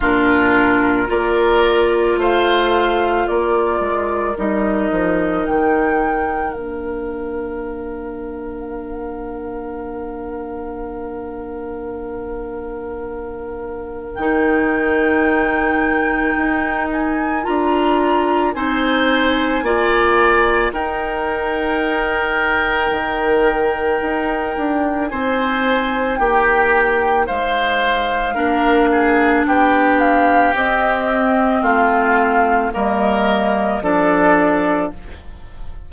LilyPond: <<
  \new Staff \with { instrumentName = "flute" } { \time 4/4 \tempo 4 = 55 ais'4 d''4 f''4 d''4 | dis''4 g''4 f''2~ | f''1~ | f''4 g''2~ g''8 gis''8 |
ais''4 gis''2 g''4~ | g''2. gis''4 | g''4 f''2 g''8 f''8 | dis''4 f''4 dis''4 d''4 | }
  \new Staff \with { instrumentName = "oboe" } { \time 4/4 f'4 ais'4 c''4 ais'4~ | ais'1~ | ais'1~ | ais'1~ |
ais'4 c''4 d''4 ais'4~ | ais'2. c''4 | g'4 c''4 ais'8 gis'8 g'4~ | g'4 f'4 ais'4 a'4 | }
  \new Staff \with { instrumentName = "clarinet" } { \time 4/4 d'4 f'2. | dis'2 d'2~ | d'1~ | d'4 dis'2. |
f'4 dis'4 f'4 dis'4~ | dis'1~ | dis'2 d'2 | c'2 ais4 d'4 | }
  \new Staff \with { instrumentName = "bassoon" } { \time 4/4 ais,4 ais4 a4 ais8 gis8 | g8 f8 dis4 ais2~ | ais1~ | ais4 dis2 dis'4 |
d'4 c'4 ais4 dis'4~ | dis'4 dis4 dis'8 d'8 c'4 | ais4 gis4 ais4 b4 | c'4 a4 g4 f4 | }
>>